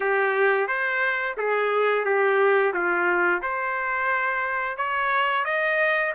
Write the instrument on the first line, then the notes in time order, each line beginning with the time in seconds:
trumpet
0.00 G4
0.67 C5
1.37 G#4
2.05 G4
2.73 F4
3.42 C5
4.77 C#5
5.44 D#5